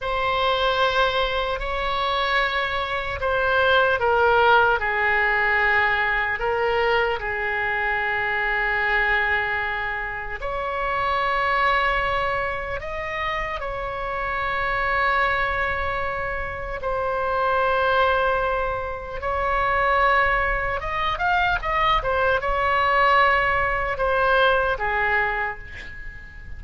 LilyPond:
\new Staff \with { instrumentName = "oboe" } { \time 4/4 \tempo 4 = 75 c''2 cis''2 | c''4 ais'4 gis'2 | ais'4 gis'2.~ | gis'4 cis''2. |
dis''4 cis''2.~ | cis''4 c''2. | cis''2 dis''8 f''8 dis''8 c''8 | cis''2 c''4 gis'4 | }